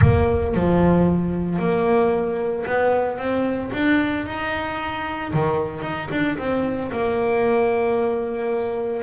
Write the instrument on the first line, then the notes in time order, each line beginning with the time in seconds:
double bass
0.01 A#3
0.54 F3
1.58 A#3
2.65 B3
3.17 C4
3.73 D4
4.26 D#4
5.33 D#3
5.81 D#4
6.11 D4
6.38 C4
6.91 A#3